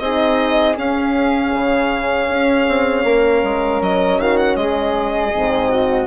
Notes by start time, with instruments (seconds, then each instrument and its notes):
0.00 bassoon C4, horn D#4, flute G#4, violin D#5
0.77 horn C#4, bassoon C#4, violin F5
1.54 bassoon C#3
2.30 bassoon C#4
2.68 bassoon C4
3.04 bassoon A#3, flute A#4
3.44 bassoon G#3
3.82 bassoon F#3, violin D#5
4.19 bassoon D#3, flute F#4, violin F5
4.37 violin F#5
4.56 bassoon G#3, flute G#4, violin D#5
5.34 bassoon G#2, horn C4
5.70 flute F#4